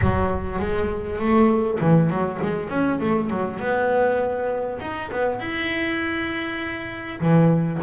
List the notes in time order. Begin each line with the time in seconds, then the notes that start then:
0.01 F#3
0.59 G#3
1.19 A3
1.80 E3
2.10 F#3
2.42 G#3
2.69 C#4
3.00 A3
3.30 F#3
3.59 B3
4.80 D#4
5.11 B3
5.40 E4
7.20 E3